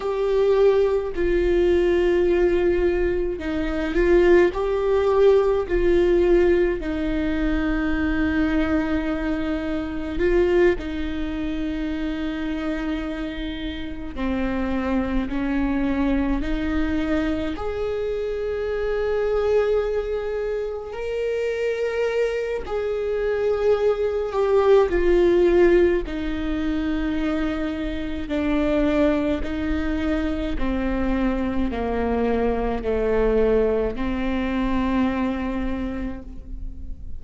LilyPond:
\new Staff \with { instrumentName = "viola" } { \time 4/4 \tempo 4 = 53 g'4 f'2 dis'8 f'8 | g'4 f'4 dis'2~ | dis'4 f'8 dis'2~ dis'8~ | dis'8 c'4 cis'4 dis'4 gis'8~ |
gis'2~ gis'8 ais'4. | gis'4. g'8 f'4 dis'4~ | dis'4 d'4 dis'4 c'4 | ais4 a4 c'2 | }